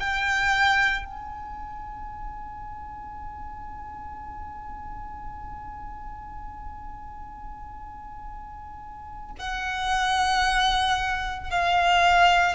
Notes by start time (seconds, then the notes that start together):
0.00 G5
1.05 G#5
9.39 F#5
11.51 F5